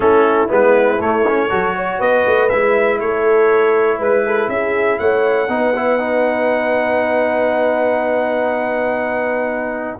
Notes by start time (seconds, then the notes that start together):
0.00 A3 C#4 E4 A4
0.48 G#3 B3 B4
1.00 A3 C#5
1.27 C#4
1.49 F#3 F#4 A4
1.76 C#5
1.99 B3 B4 D#5
2.26 A3
2.49 G#3 E4 E5
2.99 A3 A4 C#5
3.98 G#3 B4
4.25 A4
4.48 C#4 G#4 E5
4.98 A3 C#5 F#5
5.48 B3 D#4 B4
5.76 E4
5.99 D#4